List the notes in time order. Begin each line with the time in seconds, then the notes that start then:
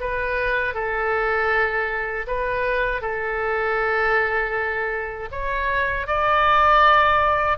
0.00 B4
0.74 A4
2.27 B4
3.01 A4
5.31 C#5
6.07 D5